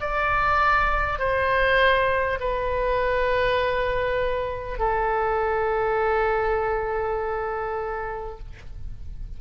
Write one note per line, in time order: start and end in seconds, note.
0.00 1.18 D5
1.18 2.38 C5
2.40 4.78 B4
4.78 8.38 A4